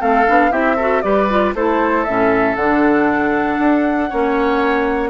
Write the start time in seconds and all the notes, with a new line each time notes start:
0.00 A3 C4 A4 F5
0.26 B3 D4
0.51 C4 E4 G4 E5
0.76 F#4 A4
1.01 G3 G4 B4 D5
1.30 F4
1.55 A3 E4 A4 C5
2.04 A2 C#4 E5
2.56 D3 D4 F#5
3.59 D4
4.09 A#3 C#4 C#5